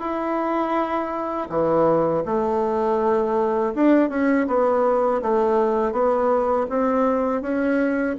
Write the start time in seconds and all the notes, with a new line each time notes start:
0.00 E4
1.49 E3
2.26 A3
3.75 D4
4.09 C#4
4.47 B3
5.22 A3
5.92 B3
6.69 C4
7.42 C#4